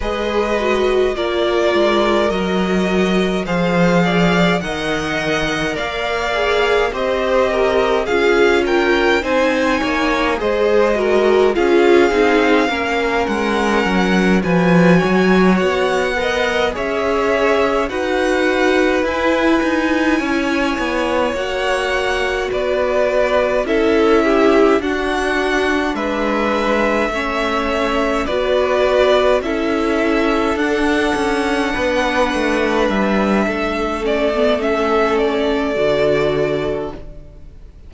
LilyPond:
<<
  \new Staff \with { instrumentName = "violin" } { \time 4/4 \tempo 4 = 52 dis''4 d''4 dis''4 f''4 | fis''4 f''4 dis''4 f''8 g''8 | gis''4 dis''4 f''4. fis''8~ | fis''8 gis''4 fis''4 e''4 fis''8~ |
fis''8 gis''2 fis''4 d''8~ | d''8 e''4 fis''4 e''4.~ | e''8 d''4 e''4 fis''4.~ | fis''8 e''4 d''8 e''8 d''4. | }
  \new Staff \with { instrumentName = "violin" } { \time 4/4 b'4 ais'2 c''8 d''8 | dis''4 d''4 c''8 ais'8 gis'8 ais'8 | c''8 cis''8 c''8 ais'8 gis'4 ais'4~ | ais'8 b'8 cis''4 dis''8 cis''4 b'8~ |
b'4. cis''2 b'8~ | b'8 a'8 g'8 fis'4 b'4 cis''8~ | cis''8 b'4 a'2 b'8~ | b'4 a'2. | }
  \new Staff \with { instrumentName = "viola" } { \time 4/4 gis'8 fis'8 f'4 fis'4 gis'4 | ais'4. gis'8 g'4 f'4 | dis'4 gis'8 fis'8 f'8 dis'8 cis'4~ | cis'8 fis'4. ais'8 gis'4 fis'8~ |
fis'8 e'2 fis'4.~ | fis'8 e'4 d'2 cis'8~ | cis'8 fis'4 e'4 d'4.~ | d'4. cis'16 b16 cis'4 fis'4 | }
  \new Staff \with { instrumentName = "cello" } { \time 4/4 gis4 ais8 gis8 fis4 f4 | dis4 ais4 c'4 cis'4 | c'8 ais8 gis4 cis'8 c'8 ais8 gis8 | fis8 f8 fis8 b4 cis'4 dis'8~ |
dis'8 e'8 dis'8 cis'8 b8 ais4 b8~ | b8 cis'4 d'4 gis4 a8~ | a8 b4 cis'4 d'8 cis'8 b8 | a8 g8 a2 d4 | }
>>